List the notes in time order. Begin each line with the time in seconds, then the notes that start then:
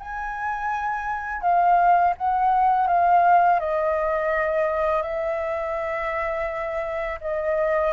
0.00 G#5
1.42 F5
2.18 F#5
2.88 F5
3.60 D#5
5.03 E5
7.21 D#5